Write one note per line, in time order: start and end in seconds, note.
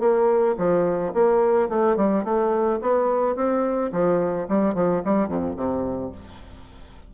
0.00 0.56 A#3
0.58 1.13 F3
1.14 1.69 A#3
1.69 1.96 A3
1.96 2.24 G3
2.24 2.80 A3
2.81 3.36 B3
3.36 3.91 C4
3.92 4.48 F3
4.48 4.74 G3
4.74 5.02 F3
5.05 5.28 G3
5.28 5.56 F2
5.56 6.12 C3